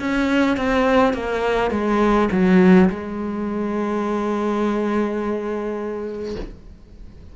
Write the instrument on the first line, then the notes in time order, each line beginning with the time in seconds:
cello
0.00 C#4
0.57 C4
1.14 A#3
1.72 G#3
2.32 F#3
2.90 G#3